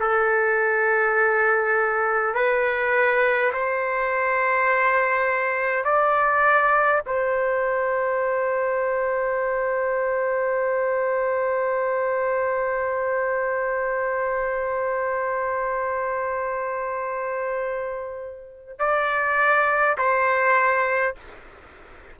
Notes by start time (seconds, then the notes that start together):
0.00 A4
2.34 B4
3.53 C5
5.84 D5
7.06 C5
18.79 D5
19.98 C5